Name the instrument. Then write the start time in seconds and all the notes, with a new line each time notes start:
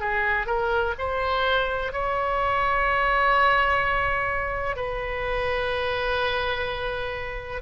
oboe
0.00 G#4
0.46 A#4
0.98 C5
1.92 C#5
4.76 B4